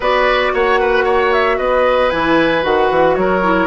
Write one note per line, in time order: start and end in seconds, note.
0.00 0.52 B3
0.00 2.12 F#4
0.00 0.52 B4
0.00 0.54 D5
0.54 1.58 A#3
0.54 0.79 C#5
0.54 1.32 F#5
0.79 1.04 B4
1.04 1.57 C#5
1.32 1.57 E5
1.57 2.11 B3
1.57 3.16 B4
1.57 2.10 D#5
2.10 2.64 E3
2.10 2.62 E4
2.10 2.62 G#5
2.62 2.90 D#3
2.62 3.41 F#4
2.62 3.15 F#5
2.90 3.16 E3
3.15 3.67 F#3
3.15 3.67 A#4
3.15 3.67 C#5
3.42 3.67 E4